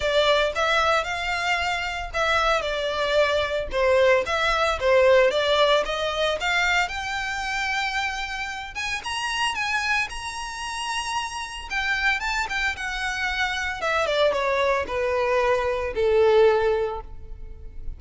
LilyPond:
\new Staff \with { instrumentName = "violin" } { \time 4/4 \tempo 4 = 113 d''4 e''4 f''2 | e''4 d''2 c''4 | e''4 c''4 d''4 dis''4 | f''4 g''2.~ |
g''8 gis''8 ais''4 gis''4 ais''4~ | ais''2 g''4 a''8 g''8 | fis''2 e''8 d''8 cis''4 | b'2 a'2 | }